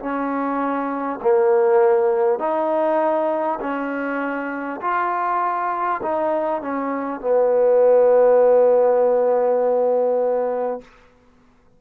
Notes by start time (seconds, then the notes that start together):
0.00 C#4
1.22 A#3
2.39 D#4
3.61 C#4
4.81 F4
6.03 D#4
6.62 C#4
7.21 B3